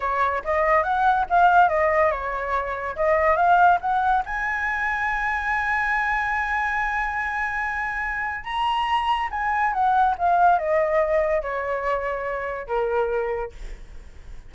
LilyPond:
\new Staff \with { instrumentName = "flute" } { \time 4/4 \tempo 4 = 142 cis''4 dis''4 fis''4 f''4 | dis''4 cis''2 dis''4 | f''4 fis''4 gis''2~ | gis''1~ |
gis''1 | ais''2 gis''4 fis''4 | f''4 dis''2 cis''4~ | cis''2 ais'2 | }